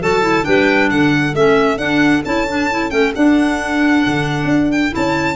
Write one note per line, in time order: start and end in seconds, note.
0.00 0.45 F#3
0.00 0.22 F#4
0.00 0.46 A4
0.00 0.45 A5
0.22 0.43 E4
0.43 0.91 G3
0.43 1.33 D4
0.43 0.90 B4
0.43 0.90 G5
0.90 1.34 D3
0.90 5.35 A4
0.90 1.35 F#5
1.34 1.77 A3
1.34 1.78 C#4
1.34 1.78 E5
1.77 2.22 D4
1.77 2.23 D4
1.77 2.22 F#5
2.25 2.91 C#4
2.25 2.47 E4
2.25 2.90 A5
2.48 2.70 D4
2.71 2.90 E4
2.90 3.14 A3
2.90 3.13 C#4
2.90 3.12 G5
3.15 4.90 D4
3.15 4.06 D4
3.15 4.71 F#5
4.07 4.45 D3
4.45 4.89 D4
4.71 4.94 G5
4.90 5.35 E4
4.90 5.35 A5
4.96 5.35 C#4